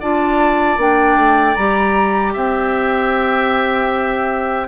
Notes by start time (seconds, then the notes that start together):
0.00 D4 F4 D5 A5
0.77 A#3 D4 G5
1.16 A3
1.56 G3 G4 A#5
2.33 C4 E5 G5